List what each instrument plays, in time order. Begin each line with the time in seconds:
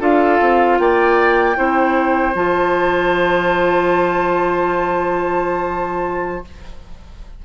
0.00 bassoon D4, clarinet F4, oboe A4, flute F5
0.41 bassoon C4
0.79 bassoon A#3, oboe D5, flute G5
1.55 bassoon C4, clarinet E4, oboe C5
2.35 bassoon F3, clarinet F4, flute A5